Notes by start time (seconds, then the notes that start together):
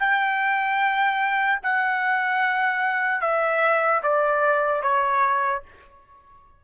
0.00 G5
1.63 F#5
3.22 E5
4.03 D5
4.83 C#5